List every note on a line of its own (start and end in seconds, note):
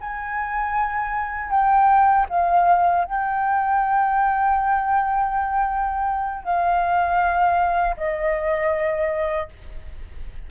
0.00 1.50 G#5
1.50 2.26 G5
2.29 3.04 F5
3.04 6.43 G5
6.43 7.95 F5
7.96 9.48 D#5